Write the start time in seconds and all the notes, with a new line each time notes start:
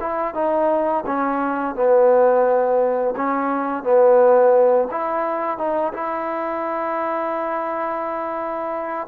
0.00 E4
0.34 D#4
1.06 C#4
1.75 B3
3.16 C#4
3.83 B3
4.91 E4
5.57 D#4
5.93 E4